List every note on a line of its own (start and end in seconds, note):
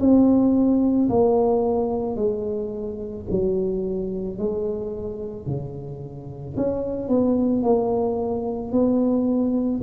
0.00 1.09 C4
1.10 2.16 A#3
2.16 3.25 G#3
3.31 4.38 F#3
4.38 5.46 G#3
5.46 6.56 C#3
6.57 7.08 C#4
7.08 7.63 B3
7.63 8.72 A#3
8.72 9.81 B3